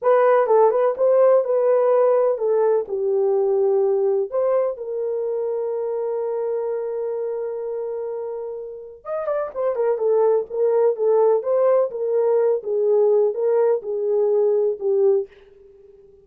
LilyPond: \new Staff \with { instrumentName = "horn" } { \time 4/4 \tempo 4 = 126 b'4 a'8 b'8 c''4 b'4~ | b'4 a'4 g'2~ | g'4 c''4 ais'2~ | ais'1~ |
ais'2. dis''8 d''8 | c''8 ais'8 a'4 ais'4 a'4 | c''4 ais'4. gis'4. | ais'4 gis'2 g'4 | }